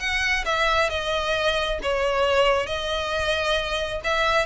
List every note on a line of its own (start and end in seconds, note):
0.00 0.45 F#5
0.46 0.90 E5
0.90 1.79 D#5
1.83 2.67 C#5
2.67 4.01 D#5
4.04 4.46 E5